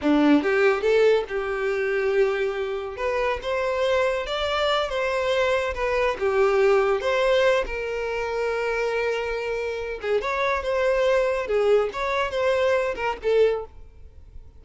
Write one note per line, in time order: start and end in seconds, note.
0.01 0.42 D4
0.42 0.81 G4
0.81 1.24 A4
1.28 2.97 G4
2.97 3.39 B4
3.42 4.26 C5
4.26 4.89 D5
4.89 5.74 C5
5.74 6.17 B4
6.19 7.00 G4
7.00 7.64 C5
7.66 10.00 A#4
10.01 10.21 G#4
10.21 10.62 C#5
10.62 11.47 C5
11.47 11.90 G#4
11.93 12.31 C#5
12.31 12.94 C5
12.95 13.16 A#4
13.22 13.65 A4